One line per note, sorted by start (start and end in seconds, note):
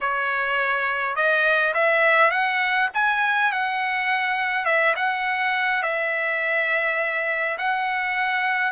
0.01 1.15 C#5
1.15 1.73 D#5
1.73 2.30 E5
2.30 2.89 F#5
2.93 3.52 G#5
3.52 4.65 F#5
4.65 4.94 E5
4.96 5.82 F#5
5.82 7.57 E5
7.58 8.72 F#5